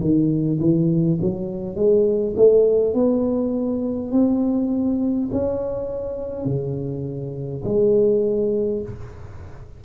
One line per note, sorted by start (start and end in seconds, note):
0.00 0.59 D#3
0.60 1.19 E3
1.21 1.75 F#3
1.75 2.34 G#3
2.36 2.94 A3
2.94 4.11 B3
4.12 5.29 C4
5.32 6.45 C#4
6.45 7.63 C#3
7.64 8.82 G#3